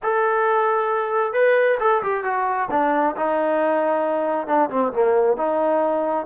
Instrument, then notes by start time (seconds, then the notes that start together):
trombone
0.02 A4
1.33 B4
1.80 A4
2.02 G4
2.24 F#4
2.70 D4
3.16 D#4
4.47 D4
4.70 C4
4.92 A#3
5.36 D#4